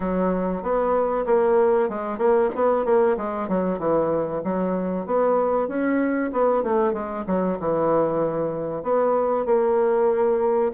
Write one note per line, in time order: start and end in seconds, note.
0.00 0.62 F#3
0.62 1.25 B3
1.26 1.89 A#3
1.89 2.18 G#3
2.18 2.49 A#3
2.55 2.84 B3
2.84 3.16 A#3
3.17 3.48 G#3
3.48 3.79 F#3
3.79 4.42 E3
4.44 5.06 F#3
5.06 5.68 B3
5.68 6.31 C#4
6.32 6.63 B3
6.63 6.93 A3
6.93 7.25 G#3
7.26 7.58 F#3
7.59 8.82 E3
8.82 9.45 B3
9.45 10.72 A#3